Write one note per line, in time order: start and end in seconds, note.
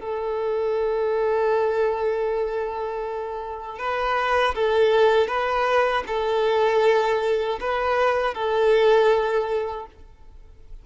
0.00 3.79 A4
3.79 4.55 B4
4.56 5.28 A4
5.28 6.04 B4
6.08 7.59 A4
7.61 8.35 B4
8.35 9.87 A4